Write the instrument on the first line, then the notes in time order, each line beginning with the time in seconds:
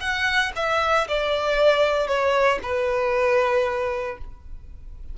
violin
0.00 F#5
0.55 E5
1.08 D5
2.07 C#5
2.62 B4